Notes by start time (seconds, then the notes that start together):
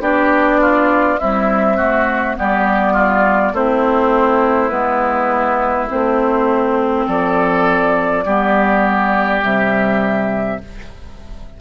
0.00 B3 D4 G4 D5
0.61 F4
1.18 G3 C4 E4 E5
1.77 A3 F#4
2.37 G3 B3 G4 D5
2.93 F4
3.53 A3 C4 E4 C5
4.69 G#3 B3 B4
5.88 A3 C4 C5
7.07 F3 A4 D5
8.25 G3 B3 G4
9.41 C3 G3 E5